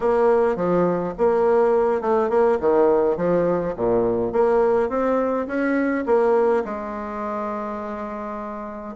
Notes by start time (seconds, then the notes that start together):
0.00 A#3
0.56 F3
1.17 A#3
2.01 A3
2.29 A#3
2.60 D#3
3.17 F3
3.76 A#2
4.32 A#3
4.89 C4
5.47 C#4
6.06 A#3
6.65 G#3